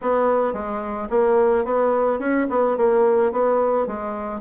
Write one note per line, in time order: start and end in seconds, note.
0.01 0.53 B3
0.53 1.08 G#3
1.10 1.64 A#3
1.64 2.19 B3
2.19 2.46 C#4
2.49 2.77 B3
2.77 3.32 A#3
3.32 3.87 B3
3.87 4.40 G#3